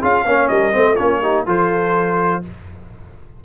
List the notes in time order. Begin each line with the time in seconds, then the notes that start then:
0.00 C#4 F4 G#4 F5
0.26 A#3 C#4 C#5
0.49 G3 A#4 D#5
0.72 A3 C4 C5
0.95 A#3 C#4 F4 C#5
1.21 D#4 G4
1.47 F3 F4 A4 C5